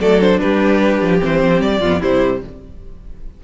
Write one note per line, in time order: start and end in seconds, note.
0.00 0.40 F#3
0.00 0.21 A3
0.00 0.41 A4
0.00 0.21 D5
0.21 1.20 D4
0.21 0.40 C5
0.40 1.01 G3
0.40 1.80 G4
0.40 1.20 B4
1.01 1.21 F3
1.20 1.43 E3
1.20 1.80 C4
1.20 1.62 C5
1.43 1.61 F3
1.61 1.81 G3
1.61 2.02 D5
1.80 2.01 F2
1.80 2.02 B3
1.80 2.00 F4
2.00 2.44 C3
2.00 2.42 G3
2.00 2.40 E4
2.00 2.42 C5